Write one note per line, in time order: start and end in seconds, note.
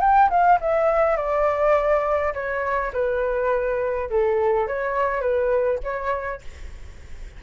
0.00 0.29 G5
0.30 0.59 F5
0.60 1.17 E5
1.17 2.33 D5
2.34 2.92 C#5
2.93 4.09 B4
4.10 4.67 A4
4.67 5.21 C#5
5.21 5.79 B4
5.83 6.41 C#5